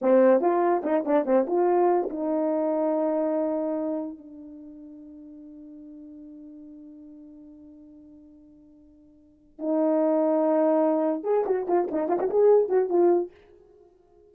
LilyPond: \new Staff \with { instrumentName = "horn" } { \time 4/4 \tempo 4 = 144 c'4 f'4 dis'8 d'8 c'8 f'8~ | f'4 dis'2.~ | dis'2 d'2~ | d'1~ |
d'1~ | d'2. dis'4~ | dis'2. gis'8 fis'8 | f'8 dis'8 f'16 fis'16 gis'4 fis'8 f'4 | }